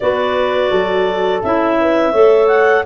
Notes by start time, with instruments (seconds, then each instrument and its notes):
0.00 tuba B3, clarinet F#4 D5, horn B4
0.70 tuba F#3, horn A4
1.43 tuba C#4, clarinet E4 E5
1.80 horn B4
2.12 tuba A3, clarinet A4, horn C#5
2.47 clarinet F#5